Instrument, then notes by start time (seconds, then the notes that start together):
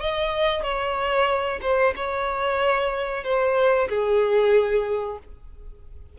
violin
0.00 D#5
0.63 C#5
1.62 C5
1.96 C#5
3.24 C5
3.89 G#4